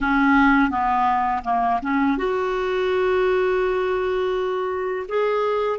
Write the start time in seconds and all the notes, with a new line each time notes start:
0.00 C#4
0.70 B3
1.44 A#3
1.82 C#4
2.17 F#4
5.08 G#4